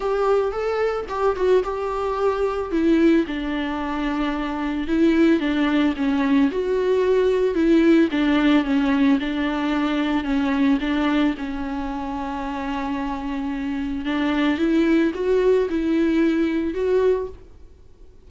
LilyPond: \new Staff \with { instrumentName = "viola" } { \time 4/4 \tempo 4 = 111 g'4 a'4 g'8 fis'8 g'4~ | g'4 e'4 d'2~ | d'4 e'4 d'4 cis'4 | fis'2 e'4 d'4 |
cis'4 d'2 cis'4 | d'4 cis'2.~ | cis'2 d'4 e'4 | fis'4 e'2 fis'4 | }